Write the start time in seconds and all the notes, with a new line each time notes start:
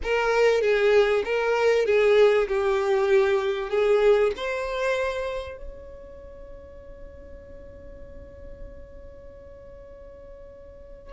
0.03 A#4
0.61 G#4
1.25 A#4
1.85 G#4
2.47 G4
3.70 G#4
4.36 C5
5.57 C#5